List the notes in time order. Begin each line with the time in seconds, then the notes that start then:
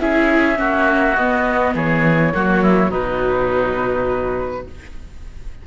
0.00 C#4 E4 G#4 E5
0.56 A#3 C#4 F#4
1.16 B3 D#5
1.74 E3 G#4 C#5
2.34 F#3 A#3 F#4
2.62 E4
2.90 B2 F#3 D#4 B4